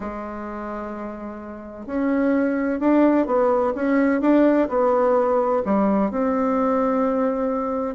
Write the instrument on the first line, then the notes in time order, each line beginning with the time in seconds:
bassoon
0.00 G#3
1.86 C#4
2.80 D4
3.26 B3
3.75 C#4
4.21 D4
4.68 B3
5.65 G3
6.10 C4